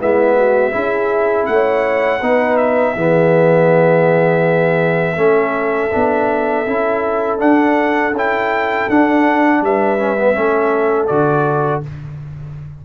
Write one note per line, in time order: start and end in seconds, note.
0.00 0.74 G#3
0.00 0.71 B3
0.00 0.36 E4
0.00 1.46 E5
0.36 0.73 F#4
0.71 1.48 C#4
0.71 2.20 E4
0.71 1.49 G#4
1.46 2.21 A3
1.46 2.57 F#5
1.52 2.20 C#5
2.20 2.96 B3
2.20 2.96 D#4
2.20 2.94 B4
2.57 7.38 E5
2.94 5.17 E3
2.94 5.16 B3
2.94 5.16 G#4
5.16 5.91 A3
5.16 5.90 C#4
5.16 9.61 A4
5.91 6.67 B3
5.91 6.65 D4
6.66 7.40 C#4
6.66 7.38 E4
7.38 8.12 D4
7.38 8.15 F#5
8.12 8.86 C#4
8.12 8.90 E4
8.12 8.90 G5
8.89 9.61 D4
8.89 9.98 D4
8.89 9.64 F#5
9.61 10.35 G3
9.61 10.37 B4
9.61 11.07 E5
9.98 10.17 C#4
10.18 10.34 B3
10.34 11.10 A3
10.34 11.08 C#4
10.34 11.85 A4
11.07 11.84 D3
11.07 11.83 F#4
11.07 11.81 D5